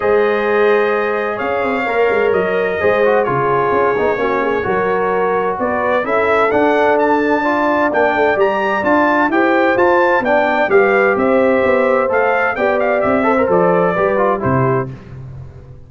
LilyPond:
<<
  \new Staff \with { instrumentName = "trumpet" } { \time 4/4 \tempo 4 = 129 dis''2. f''4~ | f''4 dis''2 cis''4~ | cis''1 | d''4 e''4 fis''4 a''4~ |
a''4 g''4 ais''4 a''4 | g''4 a''4 g''4 f''4 | e''2 f''4 g''8 f''8 | e''4 d''2 c''4 | }
  \new Staff \with { instrumentName = "horn" } { \time 4/4 c''2. cis''4~ | cis''2 c''4 gis'4~ | gis'4 fis'8 gis'8 ais'2 | b'4 a'2. |
d''1 | c''2 d''4 b'4 | c''2. d''4~ | d''8 c''4. b'4 g'4 | }
  \new Staff \with { instrumentName = "trombone" } { \time 4/4 gis'1 | ais'2 gis'8 fis'8 f'4~ | f'8 dis'8 cis'4 fis'2~ | fis'4 e'4 d'2 |
f'4 d'4 g'4 f'4 | g'4 f'4 d'4 g'4~ | g'2 a'4 g'4~ | g'8 a'16 ais'16 a'4 g'8 f'8 e'4 | }
  \new Staff \with { instrumentName = "tuba" } { \time 4/4 gis2. cis'8 c'8 | ais8 gis8 fis4 gis4 cis4 | cis'8 b8 ais4 fis2 | b4 cis'4 d'2~ |
d'4 ais8 a8 g4 d'4 | e'4 f'4 b4 g4 | c'4 b4 a4 b4 | c'4 f4 g4 c4 | }
>>